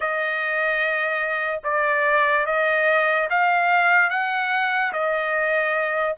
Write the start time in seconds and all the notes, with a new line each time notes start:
0.00 D#5
1.63 D5
2.46 D#5
3.30 F5
4.10 F#5
4.92 D#5